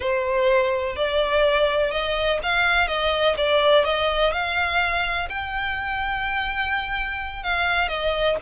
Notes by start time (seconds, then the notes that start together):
0.00 C5
0.96 D5
1.91 D#5
2.42 F5
2.87 D#5
3.37 D5
3.84 D#5
4.32 F5
5.29 G5
7.43 F5
7.88 D#5